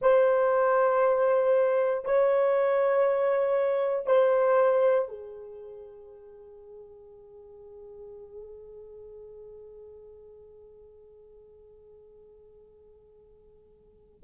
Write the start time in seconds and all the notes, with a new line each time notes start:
0.01 C5
2.04 C#5
4.06 C5
5.08 G#4